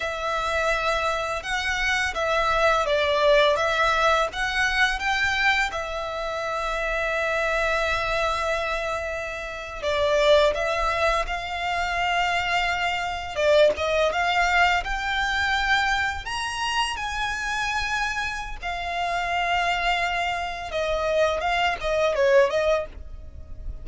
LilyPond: \new Staff \with { instrumentName = "violin" } { \time 4/4 \tempo 4 = 84 e''2 fis''4 e''4 | d''4 e''4 fis''4 g''4 | e''1~ | e''4.~ e''16 d''4 e''4 f''16~ |
f''2~ f''8. d''8 dis''8 f''16~ | f''8. g''2 ais''4 gis''16~ | gis''2 f''2~ | f''4 dis''4 f''8 dis''8 cis''8 dis''8 | }